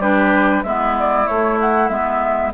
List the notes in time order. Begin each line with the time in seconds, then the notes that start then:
0.00 G3 D4 G4 B4
0.64 G#3 B3 E4 E5
1.00 D5
1.26 A3 C#5
1.61 F#5
1.89 G#3 B3 E5